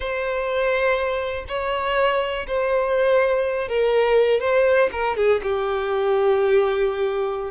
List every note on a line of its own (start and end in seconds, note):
0.00 1.45 C5
1.48 2.46 C#5
2.47 3.68 C5
3.68 4.40 A#4
4.40 4.89 C5
4.92 5.16 A#4
5.16 5.41 G#4
5.42 7.51 G4